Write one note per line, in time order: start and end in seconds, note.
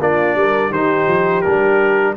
0.00 0.35 A#3
0.00 0.73 D4
0.00 0.37 F4
0.00 0.73 D5
0.35 0.71 G3
0.35 0.70 A#4
0.70 1.07 D#3
0.70 1.44 D#4
0.70 2.15 G4
0.70 1.42 C5
1.08 1.44 F3
1.42 2.17 G3
1.42 2.16 D4
1.42 2.14 A#4